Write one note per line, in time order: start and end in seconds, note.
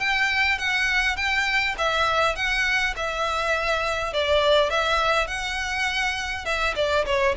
0.00 0.59 G5
0.59 1.17 F#5
1.17 1.76 G5
1.79 2.36 E5
2.36 2.95 F#5
2.97 4.14 E5
4.14 4.71 D5
4.71 5.28 E5
5.28 6.45 F#5
6.46 6.75 E5
6.76 7.06 D5
7.06 7.36 C#5